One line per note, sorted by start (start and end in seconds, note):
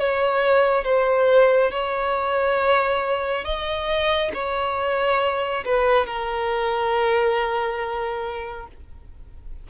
0.00 0.85 C#5
0.85 1.72 C5
1.72 3.45 C#5
3.45 4.32 D#5
4.34 5.65 C#5
5.66 6.06 B4
6.06 8.67 A#4